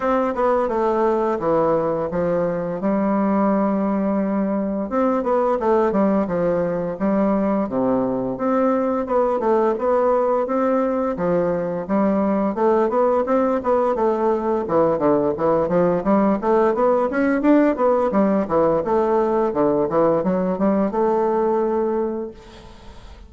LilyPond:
\new Staff \with { instrumentName = "bassoon" } { \time 4/4 \tempo 4 = 86 c'8 b8 a4 e4 f4 | g2. c'8 b8 | a8 g8 f4 g4 c4 | c'4 b8 a8 b4 c'4 |
f4 g4 a8 b8 c'8 b8 | a4 e8 d8 e8 f8 g8 a8 | b8 cis'8 d'8 b8 g8 e8 a4 | d8 e8 fis8 g8 a2 | }